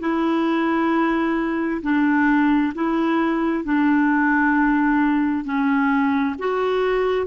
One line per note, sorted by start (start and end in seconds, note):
0.00 1.82 E4
1.83 2.74 D4
2.75 3.64 E4
3.64 5.45 D4
5.45 6.36 C#4
6.39 7.27 F#4